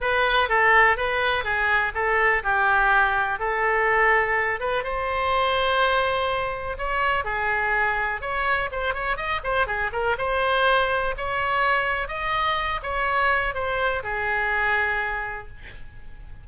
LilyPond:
\new Staff \with { instrumentName = "oboe" } { \time 4/4 \tempo 4 = 124 b'4 a'4 b'4 gis'4 | a'4 g'2 a'4~ | a'4. b'8 c''2~ | c''2 cis''4 gis'4~ |
gis'4 cis''4 c''8 cis''8 dis''8 c''8 | gis'8 ais'8 c''2 cis''4~ | cis''4 dis''4. cis''4. | c''4 gis'2. | }